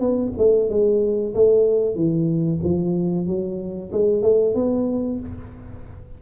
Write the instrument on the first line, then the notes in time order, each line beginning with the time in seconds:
tuba
0.00 B3
0.38 A3
0.69 G#3
1.34 A3
1.95 E3
2.64 F3
3.27 F#3
3.92 G#3
4.22 A3
4.55 B3